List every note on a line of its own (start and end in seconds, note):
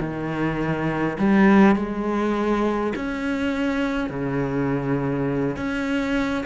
0.00 1.18 D#3
1.18 1.75 G3
1.75 2.93 G#3
2.95 4.10 C#4
4.10 5.56 C#3
5.56 6.44 C#4